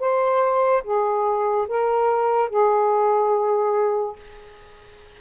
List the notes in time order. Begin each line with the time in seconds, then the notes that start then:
0.00 C5
0.84 G#4
1.68 A#4
2.50 G#4